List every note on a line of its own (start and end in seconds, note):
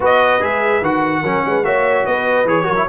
0.00 0.41 B3
0.00 0.40 F#4
0.00 1.22 B4
0.00 0.43 D#5
0.40 0.81 G#3
0.40 0.81 G#4
0.40 0.84 E5
0.81 1.22 D#3
0.81 1.24 F#4
0.81 1.64 F#5
1.22 1.44 F#3
1.22 1.64 C#4
1.22 1.42 A#4
1.45 1.64 G#3
1.45 1.65 B4
1.64 2.05 A#3
1.64 2.46 F#4
1.64 2.06 C#5
1.64 2.06 E5
2.06 2.44 B3
2.06 2.65 B4
2.06 2.47 D#5
2.44 2.64 E3
2.44 2.63 G#4
2.44 2.88 C#5
2.63 2.88 F#3
2.63 2.73 F#4
2.63 2.85 A#4
2.76 2.86 E4